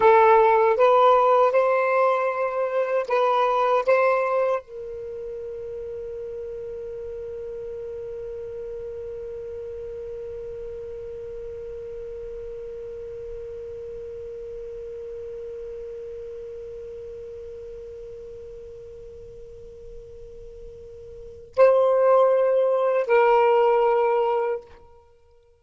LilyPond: \new Staff \with { instrumentName = "saxophone" } { \time 4/4 \tempo 4 = 78 a'4 b'4 c''2 | b'4 c''4 ais'2~ | ais'1~ | ais'1~ |
ais'1~ | ais'1~ | ais'1 | c''2 ais'2 | }